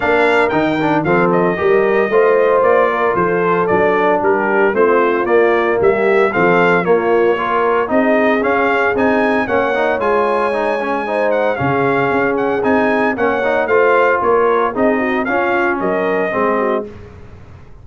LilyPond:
<<
  \new Staff \with { instrumentName = "trumpet" } { \time 4/4 \tempo 4 = 114 f''4 g''4 f''8 dis''4.~ | dis''4 d''4 c''4 d''4 | ais'4 c''4 d''4 e''4 | f''4 cis''2 dis''4 |
f''4 gis''4 fis''4 gis''4~ | gis''4. fis''8 f''4. fis''8 | gis''4 fis''4 f''4 cis''4 | dis''4 f''4 dis''2 | }
  \new Staff \with { instrumentName = "horn" } { \time 4/4 ais'2 a'4 ais'4 | c''4. ais'8 a'2 | g'4 f'2 g'4 | a'4 f'4 ais'4 gis'4~ |
gis'2 cis''2~ | cis''4 c''4 gis'2~ | gis'4 cis''4 c''4 ais'4 | gis'8 fis'8 f'4 ais'4 gis'8 fis'8 | }
  \new Staff \with { instrumentName = "trombone" } { \time 4/4 d'4 dis'8 d'8 c'4 g'4 | f'2. d'4~ | d'4 c'4 ais2 | c'4 ais4 f'4 dis'4 |
cis'4 dis'4 cis'8 dis'8 f'4 | dis'8 cis'8 dis'4 cis'2 | dis'4 cis'8 dis'8 f'2 | dis'4 cis'2 c'4 | }
  \new Staff \with { instrumentName = "tuba" } { \time 4/4 ais4 dis4 f4 g4 | a4 ais4 f4 fis4 | g4 a4 ais4 g4 | f4 ais2 c'4 |
cis'4 c'4 ais4 gis4~ | gis2 cis4 cis'4 | c'4 ais4 a4 ais4 | c'4 cis'4 fis4 gis4 | }
>>